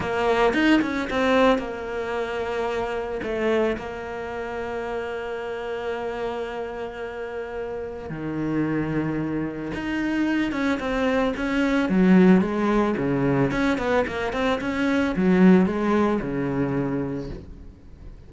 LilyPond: \new Staff \with { instrumentName = "cello" } { \time 4/4 \tempo 4 = 111 ais4 dis'8 cis'8 c'4 ais4~ | ais2 a4 ais4~ | ais1~ | ais2. dis4~ |
dis2 dis'4. cis'8 | c'4 cis'4 fis4 gis4 | cis4 cis'8 b8 ais8 c'8 cis'4 | fis4 gis4 cis2 | }